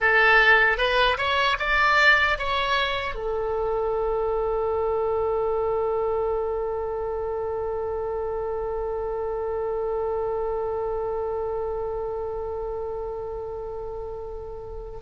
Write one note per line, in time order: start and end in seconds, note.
0.00 0.77 A4
0.77 1.17 B4
1.17 1.57 C#5
1.59 2.38 D5
2.38 3.14 C#5
3.14 14.99 A4